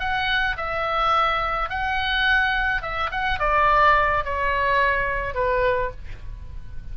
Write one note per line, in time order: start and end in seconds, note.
0.00 0.57 F#5
0.57 1.70 E5
1.70 2.82 F#5
2.82 3.11 E5
3.11 3.40 F#5
3.40 4.25 D5
4.25 5.35 C#5
5.35 5.91 B4